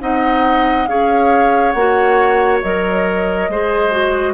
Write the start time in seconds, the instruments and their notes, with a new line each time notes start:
0.00 bassoon C4, clarinet D#4, oboe D#5, flute F#5
0.88 bassoon C#4, clarinet G#4, oboe C#5, flute F5
1.71 bassoon A#3, flute F#5
1.77 clarinet F#4
2.63 bassoon F#3, clarinet A#4, flute D#5
3.48 bassoon G#3, clarinet G#4, oboe C5
3.91 clarinet F#4